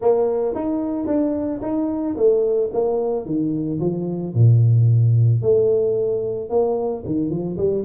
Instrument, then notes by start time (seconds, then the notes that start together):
tuba
0.01 A#3
0.54 D#4
1.06 D4
1.62 D#4
2.16 A3
2.72 A#3
3.25 D#3
3.80 F3
4.34 A#2
5.42 A3
6.49 A#3
7.05 D#3
7.29 F3
7.57 G3